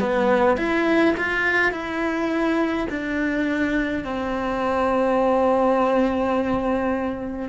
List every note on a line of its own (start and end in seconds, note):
0.00 0.57 B3
0.57 1.15 E4
1.17 1.72 F4
1.72 2.87 E4
2.90 4.04 D4
4.04 7.49 C4